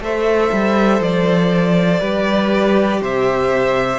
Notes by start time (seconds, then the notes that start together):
0.00 A3 A4 C5 E5
0.52 G3
1.00 F3 D5
2.00 G3 G4 B4
3.01 C3 C5 E5